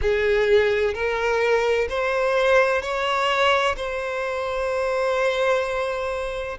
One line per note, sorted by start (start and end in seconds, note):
0.01 0.94 G#4
0.94 1.87 A#4
1.89 2.81 C5
2.81 3.75 C#5
3.76 6.58 C5